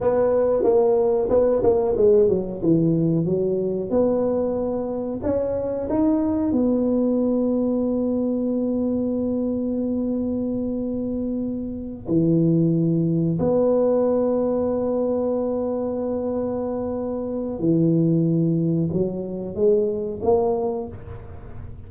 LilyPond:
\new Staff \with { instrumentName = "tuba" } { \time 4/4 \tempo 4 = 92 b4 ais4 b8 ais8 gis8 fis8 | e4 fis4 b2 | cis'4 dis'4 b2~ | b1~ |
b2~ b8 e4.~ | e8 b2.~ b8~ | b2. e4~ | e4 fis4 gis4 ais4 | }